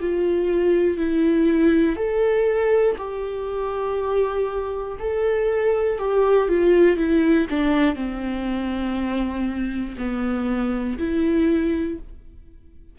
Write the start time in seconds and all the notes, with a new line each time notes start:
0.00 F4
0.97 E4
1.96 A4
2.97 G4
4.99 A4
5.99 G4
6.49 F4
6.97 E4
7.50 D4
7.95 C4
9.97 B3
10.98 E4